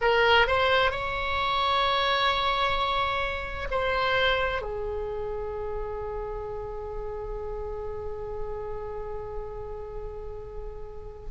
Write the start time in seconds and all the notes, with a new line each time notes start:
0.01 A#4
0.47 C5
0.91 C#5
3.70 C5
4.62 G#4